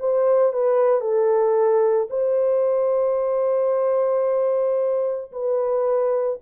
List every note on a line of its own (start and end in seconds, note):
0.00 0.53 C5
0.53 1.01 B4
1.01 2.08 A4
2.10 5.31 C5
5.32 6.39 B4